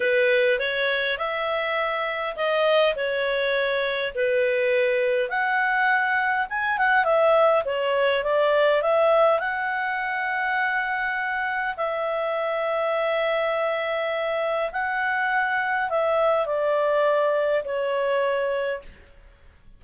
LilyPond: \new Staff \with { instrumentName = "clarinet" } { \time 4/4 \tempo 4 = 102 b'4 cis''4 e''2 | dis''4 cis''2 b'4~ | b'4 fis''2 gis''8 fis''8 | e''4 cis''4 d''4 e''4 |
fis''1 | e''1~ | e''4 fis''2 e''4 | d''2 cis''2 | }